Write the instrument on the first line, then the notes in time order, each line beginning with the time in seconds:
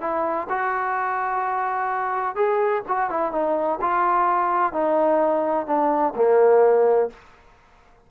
trombone
0.00 E4
0.49 F#4
2.35 G#4
2.88 F#4
3.10 E4
3.32 D#4
3.81 F4
4.72 D#4
5.66 D4
6.15 A#3